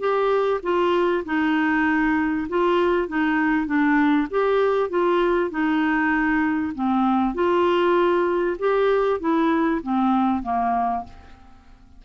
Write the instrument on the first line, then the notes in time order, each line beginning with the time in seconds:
clarinet
0.00 G4
0.63 F4
1.26 D#4
2.49 F4
3.08 D#4
3.67 D4
4.31 G4
4.90 F4
5.51 D#4
6.75 C4
7.35 F4
8.59 G4
9.21 E4
9.83 C4
10.43 A#3